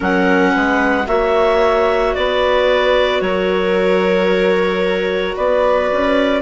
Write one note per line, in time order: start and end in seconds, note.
0.00 0.54 F#3
0.00 1.04 C#4
0.00 0.52 A#4
0.00 1.07 F#5
0.52 1.07 G#3
0.52 1.05 B4
1.06 2.14 A#3
1.06 6.42 F#4
1.06 2.15 C#5
1.06 2.14 E5
2.14 3.20 B3
2.14 3.23 B4
2.14 3.21 D5
3.20 5.35 F#3
3.20 5.36 A#4
3.20 5.35 C#5
5.36 5.91 B3
5.36 6.42 B4
5.36 6.42 D5
5.91 6.42 C#4